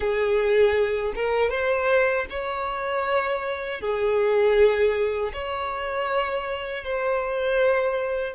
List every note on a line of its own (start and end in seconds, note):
0.00 1.13 G#4
1.15 1.50 A#4
1.50 2.26 C5
2.30 3.80 C#5
3.80 5.32 G#4
5.33 6.84 C#5
6.84 8.35 C5